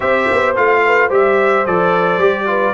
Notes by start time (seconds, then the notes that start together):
0.00 C4 G4 C5 E5
0.31 B3
0.56 A3 F4 F5
0.85 B4
1.07 G3 G4 C5
1.13 E5
1.66 F3 A4 D5
2.17 G3 G4
2.46 F4 B4